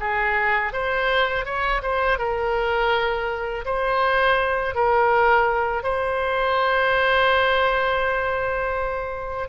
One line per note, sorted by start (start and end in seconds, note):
0.00 0.73 G#4
0.73 1.45 C5
1.45 1.82 C#5
1.83 2.19 C5
2.19 3.65 A#4
3.65 4.75 C5
4.75 5.83 A#4
5.83 9.49 C5